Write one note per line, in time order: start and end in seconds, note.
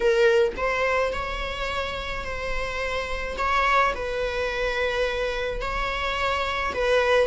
0.00 0.52 A#4
0.56 1.12 C5
1.12 2.24 C#5
2.24 3.36 C5
3.37 3.93 C#5
3.94 5.61 B4
5.61 6.73 C#5
6.74 7.27 B4